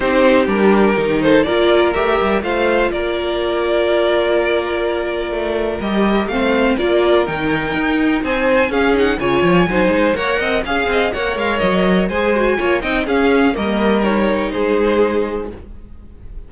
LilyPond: <<
  \new Staff \with { instrumentName = "violin" } { \time 4/4 \tempo 4 = 124 c''4 ais'4. c''8 d''4 | e''4 f''4 d''2~ | d''1 | dis''4 f''4 d''4 g''4~ |
g''4 gis''4 f''8 fis''8 gis''4~ | gis''4 fis''4 f''4 fis''8 f''8 | dis''4 gis''4. g''8 f''4 | dis''4 cis''4 c''2 | }
  \new Staff \with { instrumentName = "violin" } { \time 4/4 g'2~ g'8 a'8 ais'4~ | ais'4 c''4 ais'2~ | ais'1~ | ais'4 c''4 ais'2~ |
ais'4 c''4 gis'4 cis''4 | c''4 cis''8 dis''8 f''8 dis''8 cis''4~ | cis''4 c''4 cis''8 dis''8 gis'4 | ais'2 gis'2 | }
  \new Staff \with { instrumentName = "viola" } { \time 4/4 dis'4 d'4 dis'4 f'4 | g'4 f'2.~ | f'1 | g'4 c'4 f'4 dis'4~ |
dis'2 cis'8 dis'8 f'4 | dis'4 ais'4 gis'4 ais'4~ | ais'4 gis'8 fis'8 f'8 dis'8 cis'4 | ais4 dis'2. | }
  \new Staff \with { instrumentName = "cello" } { \time 4/4 c'4 g4 dis4 ais4 | a8 g8 a4 ais2~ | ais2. a4 | g4 a4 ais4 dis4 |
dis'4 c'4 cis'4 cis8 f8 | fis8 gis8 ais8 c'8 cis'8 c'8 ais8 gis8 | fis4 gis4 ais8 c'8 cis'4 | g2 gis2 | }
>>